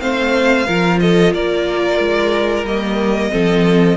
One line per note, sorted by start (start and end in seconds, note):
0.00 0.68 A3
0.00 0.66 C4
0.00 0.67 C5
0.00 0.99 F5
0.67 1.34 F3
0.67 2.66 F4
0.67 1.00 A#4
1.00 1.34 A4
1.00 1.33 D#5
1.34 1.99 A#3
1.34 3.32 A#4
1.34 2.66 D5
1.99 2.63 G#3
2.63 3.29 G3
2.63 3.30 A#3
2.63 3.97 D#5
3.30 3.97 F3
3.30 3.96 C4
3.30 3.97 A4